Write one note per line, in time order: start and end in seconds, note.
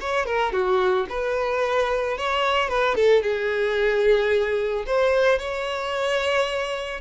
0.00 0.25 C#5
0.25 0.52 A#4
0.52 1.06 F#4
1.09 2.17 B4
2.17 2.68 C#5
2.68 2.95 B4
2.95 3.22 A4
3.22 4.84 G#4
4.86 5.38 C5
5.38 7.00 C#5